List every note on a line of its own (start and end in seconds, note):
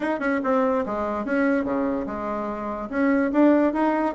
0.00 0.19 D#4
0.19 0.40 C#4
0.43 0.84 C4
0.86 1.25 G#3
1.25 1.64 C#4
1.64 2.05 C#3
2.06 2.89 G#3
2.89 3.31 C#4
3.32 3.73 D4
3.73 4.14 D#4